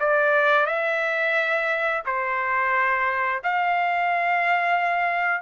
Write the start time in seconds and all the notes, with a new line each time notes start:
0.00 D5
0.66 E5
2.06 C5
3.43 F5